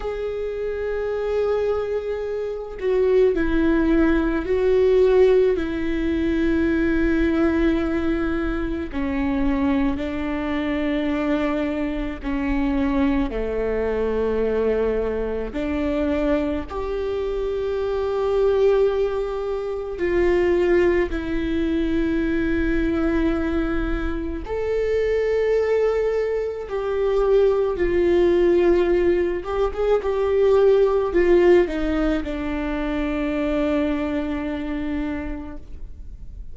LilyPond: \new Staff \with { instrumentName = "viola" } { \time 4/4 \tempo 4 = 54 gis'2~ gis'8 fis'8 e'4 | fis'4 e'2. | cis'4 d'2 cis'4 | a2 d'4 g'4~ |
g'2 f'4 e'4~ | e'2 a'2 | g'4 f'4. g'16 gis'16 g'4 | f'8 dis'8 d'2. | }